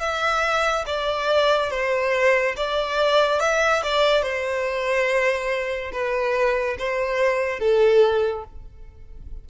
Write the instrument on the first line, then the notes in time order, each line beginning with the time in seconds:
violin
0.00 E5
0.86 D5
1.71 C5
2.57 D5
3.40 E5
3.83 D5
4.23 C5
5.92 B4
6.79 C5
7.59 A4